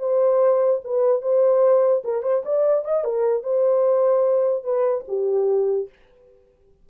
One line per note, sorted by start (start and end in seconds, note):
0.00 0.81 C5
0.85 1.22 B4
1.22 2.03 C5
2.05 2.23 A#4
2.23 2.43 C5
2.46 2.85 D5
2.85 3.05 D#5
3.05 3.43 A#4
3.43 4.64 C5
4.64 5.05 B4
5.08 5.89 G4